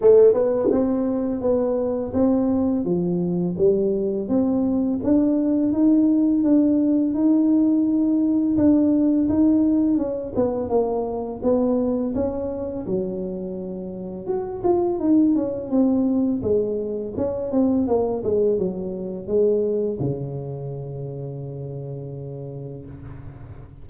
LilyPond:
\new Staff \with { instrumentName = "tuba" } { \time 4/4 \tempo 4 = 84 a8 b8 c'4 b4 c'4 | f4 g4 c'4 d'4 | dis'4 d'4 dis'2 | d'4 dis'4 cis'8 b8 ais4 |
b4 cis'4 fis2 | fis'8 f'8 dis'8 cis'8 c'4 gis4 | cis'8 c'8 ais8 gis8 fis4 gis4 | cis1 | }